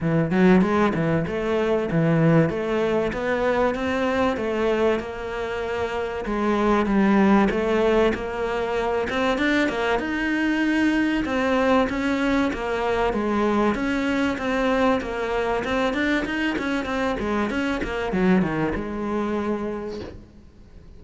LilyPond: \new Staff \with { instrumentName = "cello" } { \time 4/4 \tempo 4 = 96 e8 fis8 gis8 e8 a4 e4 | a4 b4 c'4 a4 | ais2 gis4 g4 | a4 ais4. c'8 d'8 ais8 |
dis'2 c'4 cis'4 | ais4 gis4 cis'4 c'4 | ais4 c'8 d'8 dis'8 cis'8 c'8 gis8 | cis'8 ais8 fis8 dis8 gis2 | }